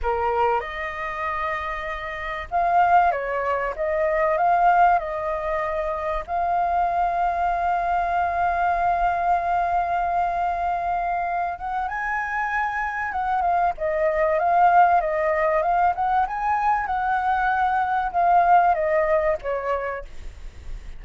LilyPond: \new Staff \with { instrumentName = "flute" } { \time 4/4 \tempo 4 = 96 ais'4 dis''2. | f''4 cis''4 dis''4 f''4 | dis''2 f''2~ | f''1~ |
f''2~ f''8 fis''8 gis''4~ | gis''4 fis''8 f''8 dis''4 f''4 | dis''4 f''8 fis''8 gis''4 fis''4~ | fis''4 f''4 dis''4 cis''4 | }